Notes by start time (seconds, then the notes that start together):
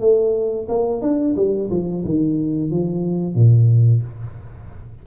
0.00 A3
0.69 A#3
1.02 D4
1.36 G3
1.71 F3
2.05 D#3
2.71 F3
3.35 A#2